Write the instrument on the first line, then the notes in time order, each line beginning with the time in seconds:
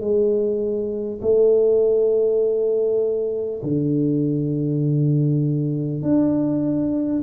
tuba
0.00 G#3
1.21 A3
3.63 D3
6.02 D4